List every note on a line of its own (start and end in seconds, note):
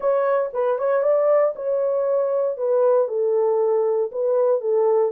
0.00 0.50 C#5
0.53 0.78 B4
0.78 1.02 C#5
1.02 1.54 D5
1.55 2.57 C#5
2.57 3.08 B4
3.08 4.10 A4
4.11 4.61 B4
4.61 5.11 A4